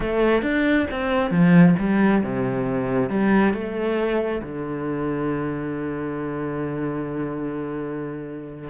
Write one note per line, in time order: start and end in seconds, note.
0.00 0.42 A3
0.42 0.86 D4
0.90 1.30 C4
1.30 1.74 F3
1.78 2.22 G3
2.23 3.09 C3
3.09 3.53 G3
3.53 4.41 A3
4.42 8.69 D3